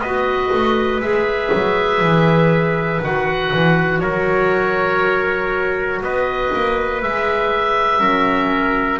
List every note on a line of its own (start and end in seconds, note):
0.00 0.50 B3
0.00 1.02 F#4
0.00 4.02 B4
0.00 1.01 D#5
0.53 1.00 A3
1.00 1.50 G#3
1.00 3.02 G#4
1.00 3.01 E5
1.53 2.01 F#3
2.01 3.01 E3
3.02 3.52 D#3
3.02 7.01 F#4
3.02 4.00 F#5
3.53 4.01 E3
4.00 6.01 F#3
4.00 6.02 A#4
4.00 6.00 C#5
6.01 6.51 B3
6.01 8.00 B4
6.01 7.02 D#5
6.54 7.02 A#3
7.01 8.01 G#3
7.01 8.00 G#4
7.01 9.00 E5
8.00 9.00 F#3
8.00 9.00 C#4
8.00 9.00 A#4